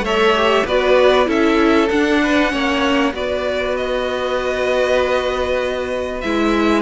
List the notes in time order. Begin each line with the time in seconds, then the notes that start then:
0.00 A3 C#5 E5
0.06 A4
0.35 G4
0.65 B3 F#4 B4 D5
1.25 C#4 E4 A4 E5
1.89 D4 F#5
2.23 B4
2.50 A#3 C#4 C#5
3.12 B3 F#4 B4 D5
3.76 D#5
6.21 G#3 E4 E5